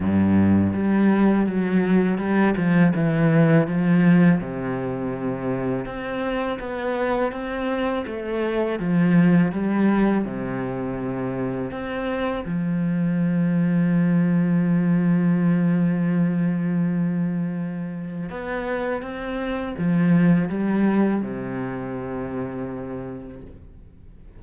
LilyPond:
\new Staff \with { instrumentName = "cello" } { \time 4/4 \tempo 4 = 82 g,4 g4 fis4 g8 f8 | e4 f4 c2 | c'4 b4 c'4 a4 | f4 g4 c2 |
c'4 f2.~ | f1~ | f4 b4 c'4 f4 | g4 c2. | }